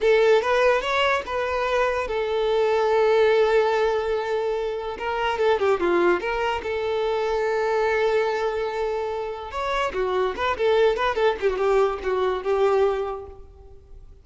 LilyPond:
\new Staff \with { instrumentName = "violin" } { \time 4/4 \tempo 4 = 145 a'4 b'4 cis''4 b'4~ | b'4 a'2.~ | a'1 | ais'4 a'8 g'8 f'4 ais'4 |
a'1~ | a'2. cis''4 | fis'4 b'8 a'4 b'8 a'8 g'16 fis'16 | g'4 fis'4 g'2 | }